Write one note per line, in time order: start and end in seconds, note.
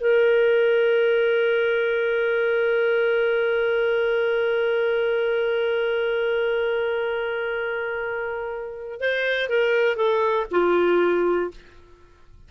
0.00 9.00 A#4
9.00 9.49 C5
9.49 9.96 A#4
9.96 10.46 A4
10.51 11.51 F4